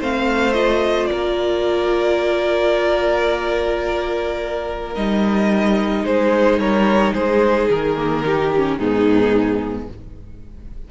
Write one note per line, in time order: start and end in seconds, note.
0.00 1.11 A3
0.00 0.55 C4
0.00 1.10 C5
0.00 0.54 F5
0.54 4.95 F4
0.54 1.07 D#5
1.07 4.96 A#3
1.07 6.06 A#4
1.07 4.92 D5
4.95 6.04 G3
4.95 7.97 D#4
4.95 6.06 D#5
6.04 6.58 G#3
6.04 6.60 G#4
6.04 6.60 C5
6.58 7.13 G3
6.58 7.14 A#4
6.58 7.14 C#5
7.14 7.70 G#3
7.14 8.24 G#4
7.14 7.69 C5
7.70 8.79 D#3
7.70 8.79 A#4
7.97 8.24 A#3
8.24 8.52 D#4
8.24 8.78 G4
8.57 8.81 C#4
8.78 9.89 G#2
8.78 9.91 B3
8.78 9.89 D#4
8.78 9.89 G#4